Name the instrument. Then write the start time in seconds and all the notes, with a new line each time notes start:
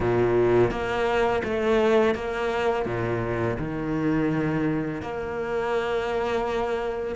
cello
0.00 A#2
0.70 A#3
1.44 A3
2.14 A#3
2.85 A#2
3.58 D#3
5.01 A#3